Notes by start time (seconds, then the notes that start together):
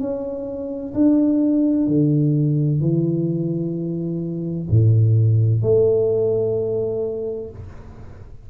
0.00 C#4
0.94 D4
1.87 D3
2.80 E3
4.70 A2
5.62 A3